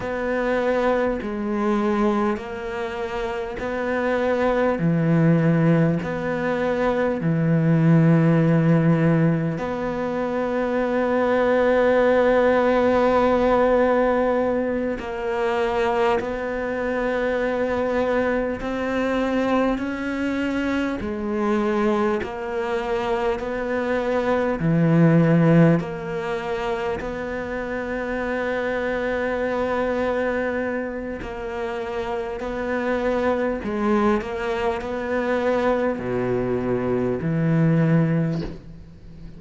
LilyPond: \new Staff \with { instrumentName = "cello" } { \time 4/4 \tempo 4 = 50 b4 gis4 ais4 b4 | e4 b4 e2 | b1~ | b8 ais4 b2 c'8~ |
c'8 cis'4 gis4 ais4 b8~ | b8 e4 ais4 b4.~ | b2 ais4 b4 | gis8 ais8 b4 b,4 e4 | }